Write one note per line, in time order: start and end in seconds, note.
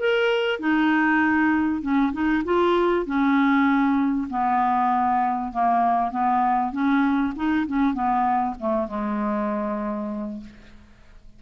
0.00 0.60 A#4
0.60 1.82 D#4
1.82 2.13 C#4
2.13 2.44 D#4
2.45 3.06 F4
3.06 4.29 C#4
4.30 5.53 B3
5.53 6.11 A#3
6.11 6.73 B3
6.73 7.34 C#4
7.36 7.67 D#4
7.68 7.94 C#4
7.94 8.55 B3
8.60 8.88 A3
8.88 10.41 G#3